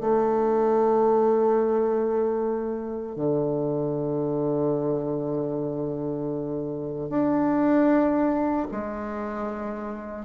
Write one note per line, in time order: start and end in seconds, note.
0.00 3.16 A3
3.16 7.09 D3
7.09 8.67 D4
8.72 10.25 G#3